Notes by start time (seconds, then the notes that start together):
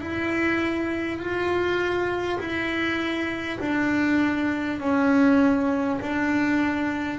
0.00 E4
1.18 F4
2.39 E4
3.59 D4
4.80 C#4
6.01 D4